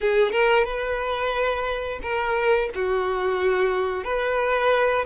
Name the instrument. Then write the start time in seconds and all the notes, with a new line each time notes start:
violin
0.01 G#4
0.32 A#4
0.64 B4
2.02 A#4
2.75 F#4
4.04 B4